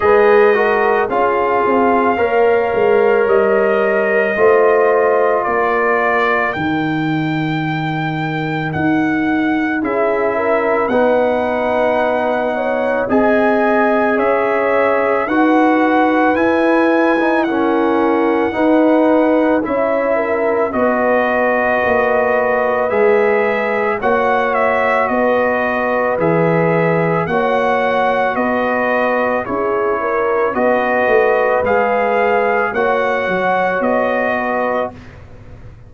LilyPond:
<<
  \new Staff \with { instrumentName = "trumpet" } { \time 4/4 \tempo 4 = 55 dis''4 f''2 dis''4~ | dis''4 d''4 g''2 | fis''4 e''4 fis''2 | gis''4 e''4 fis''4 gis''4 |
fis''2 e''4 dis''4~ | dis''4 e''4 fis''8 e''8 dis''4 | e''4 fis''4 dis''4 cis''4 | dis''4 f''4 fis''4 dis''4 | }
  \new Staff \with { instrumentName = "horn" } { \time 4/4 b'8 ais'8 gis'4 cis''2 | c''4 ais'2.~ | ais'4 gis'8 ais'8 b'4. cis''8 | dis''4 cis''4 b'2 |
ais'4 b'4 cis''8 ais'8 b'4~ | b'2 cis''4 b'4~ | b'4 cis''4 b'4 gis'8 ais'8 | b'2 cis''4. b'8 | }
  \new Staff \with { instrumentName = "trombone" } { \time 4/4 gis'8 fis'8 f'4 ais'2 | f'2 dis'2~ | dis'4 e'4 dis'2 | gis'2 fis'4 e'8. dis'16 |
cis'4 dis'4 e'4 fis'4~ | fis'4 gis'4 fis'2 | gis'4 fis'2 e'4 | fis'4 gis'4 fis'2 | }
  \new Staff \with { instrumentName = "tuba" } { \time 4/4 gis4 cis'8 c'8 ais8 gis8 g4 | a4 ais4 dis2 | dis'4 cis'4 b2 | c'4 cis'4 dis'4 e'4~ |
e'4 dis'4 cis'4 b4 | ais4 gis4 ais4 b4 | e4 ais4 b4 cis'4 | b8 a8 gis4 ais8 fis8 b4 | }
>>